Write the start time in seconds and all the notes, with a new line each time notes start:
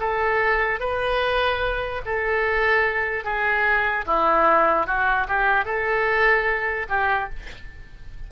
0.00 A4
0.80 B4
2.06 A4
3.24 G#4
4.06 E4
4.87 F#4
5.28 G4
5.65 A4
6.89 G4